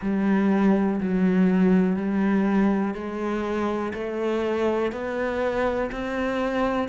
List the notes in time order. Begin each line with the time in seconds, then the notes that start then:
0.01 G3
1.00 F#3
1.95 G3
2.94 G#3
3.93 A3
4.92 B3
5.91 C4